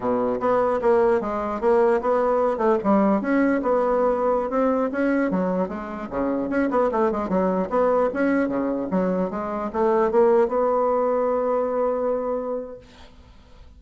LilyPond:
\new Staff \with { instrumentName = "bassoon" } { \time 4/4 \tempo 4 = 150 b,4 b4 ais4 gis4 | ais4 b4. a8 g4 | cis'4 b2~ b16 c'8.~ | c'16 cis'4 fis4 gis4 cis8.~ |
cis16 cis'8 b8 a8 gis8 fis4 b8.~ | b16 cis'4 cis4 fis4 gis8.~ | gis16 a4 ais4 b4.~ b16~ | b1 | }